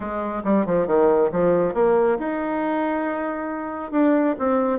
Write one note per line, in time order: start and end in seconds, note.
0.00 0.42 G#3
0.44 0.65 G3
0.65 0.86 F3
0.86 1.30 D#3
1.31 1.74 F3
1.74 2.18 A#3
2.19 3.91 D#4
3.91 4.35 D4
4.38 4.79 C4